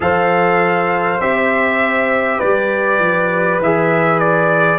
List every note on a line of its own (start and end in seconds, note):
0.00 1.19 F3
0.00 1.18 A4
0.00 2.38 C5
0.00 1.20 F5
1.20 2.40 C4
1.20 3.61 G4
1.20 2.40 E5
2.38 2.98 G3
2.38 4.78 B4
2.38 3.60 D5
2.98 3.58 F3
3.58 4.78 E3
3.58 4.78 G#4
3.58 4.19 E5
4.19 4.78 D5